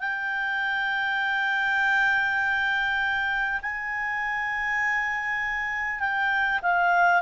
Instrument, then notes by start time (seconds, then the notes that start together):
clarinet
0.00 G5
3.62 G#5
5.99 G5
6.62 F5